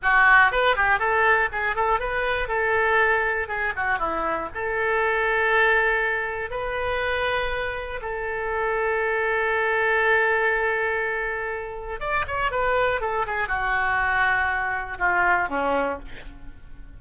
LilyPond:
\new Staff \with { instrumentName = "oboe" } { \time 4/4 \tempo 4 = 120 fis'4 b'8 g'8 a'4 gis'8 a'8 | b'4 a'2 gis'8 fis'8 | e'4 a'2.~ | a'4 b'2. |
a'1~ | a'1 | d''8 cis''8 b'4 a'8 gis'8 fis'4~ | fis'2 f'4 cis'4 | }